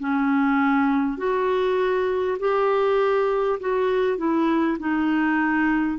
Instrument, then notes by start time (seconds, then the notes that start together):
clarinet
0.00 C#4
1.18 F#4
2.39 G4
3.60 F#4
4.18 E4
4.79 D#4